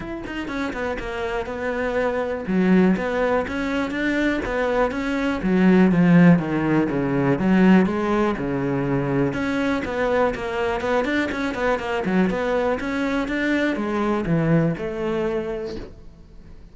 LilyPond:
\new Staff \with { instrumentName = "cello" } { \time 4/4 \tempo 4 = 122 e'8 dis'8 cis'8 b8 ais4 b4~ | b4 fis4 b4 cis'4 | d'4 b4 cis'4 fis4 | f4 dis4 cis4 fis4 |
gis4 cis2 cis'4 | b4 ais4 b8 d'8 cis'8 b8 | ais8 fis8 b4 cis'4 d'4 | gis4 e4 a2 | }